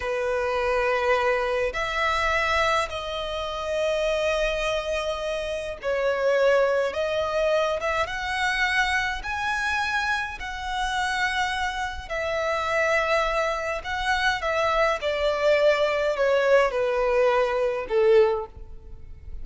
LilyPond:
\new Staff \with { instrumentName = "violin" } { \time 4/4 \tempo 4 = 104 b'2. e''4~ | e''4 dis''2.~ | dis''2 cis''2 | dis''4. e''8 fis''2 |
gis''2 fis''2~ | fis''4 e''2. | fis''4 e''4 d''2 | cis''4 b'2 a'4 | }